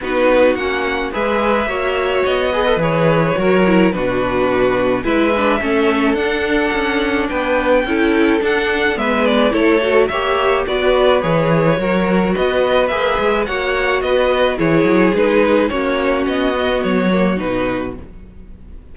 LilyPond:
<<
  \new Staff \with { instrumentName = "violin" } { \time 4/4 \tempo 4 = 107 b'4 fis''4 e''2 | dis''4 cis''2 b'4~ | b'4 e''2 fis''4~ | fis''4 g''2 fis''4 |
e''8 d''8 cis''4 e''4 d''4 | cis''2 dis''4 e''4 | fis''4 dis''4 cis''4 b'4 | cis''4 dis''4 cis''4 b'4 | }
  \new Staff \with { instrumentName = "violin" } { \time 4/4 fis'2 b'4 cis''4~ | cis''8 b'4. ais'4 fis'4~ | fis'4 b'4 a'2~ | a'4 b'4 a'2 |
b'4 a'4 cis''4 b'4~ | b'4 ais'4 b'2 | cis''4 b'4 gis'2 | fis'1 | }
  \new Staff \with { instrumentName = "viola" } { \time 4/4 dis'4 cis'4 gis'4 fis'4~ | fis'8 gis'16 a'16 gis'4 fis'8 e'8 d'4~ | d'4 e'8 d'8 cis'4 d'4~ | d'2 e'4 d'4 |
b4 e'8 fis'8 g'4 fis'4 | gis'4 fis'2 gis'4 | fis'2 e'4 dis'4 | cis'4. b4 ais8 dis'4 | }
  \new Staff \with { instrumentName = "cello" } { \time 4/4 b4 ais4 gis4 ais4 | b4 e4 fis4 b,4~ | b,4 gis4 a4 d'4 | cis'4 b4 cis'4 d'4 |
gis4 a4 ais4 b4 | e4 fis4 b4 ais8 gis8 | ais4 b4 e8 fis8 gis4 | ais4 b4 fis4 b,4 | }
>>